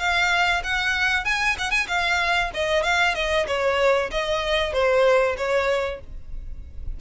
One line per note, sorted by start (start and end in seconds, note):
0.00 0.63 F5
0.64 1.25 F#5
1.25 1.57 G#5
1.59 1.71 F#5
1.71 1.87 G#5
1.88 2.51 F5
2.54 2.84 D#5
2.84 3.16 F5
3.16 3.47 D#5
3.48 4.11 C#5
4.11 4.73 D#5
4.73 5.37 C5
5.38 6.01 C#5